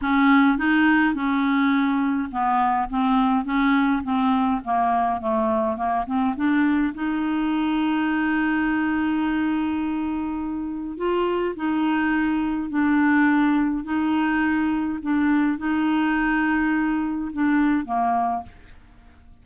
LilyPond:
\new Staff \with { instrumentName = "clarinet" } { \time 4/4 \tempo 4 = 104 cis'4 dis'4 cis'2 | b4 c'4 cis'4 c'4 | ais4 a4 ais8 c'8 d'4 | dis'1~ |
dis'2. f'4 | dis'2 d'2 | dis'2 d'4 dis'4~ | dis'2 d'4 ais4 | }